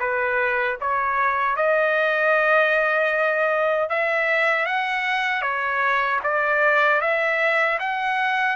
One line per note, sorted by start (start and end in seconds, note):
0.00 0.78 B4
0.81 1.57 C#5
1.57 3.90 D#5
3.90 4.66 E5
4.66 5.42 F#5
5.42 6.20 C#5
6.24 7.01 D5
7.01 7.79 E5
7.80 8.56 F#5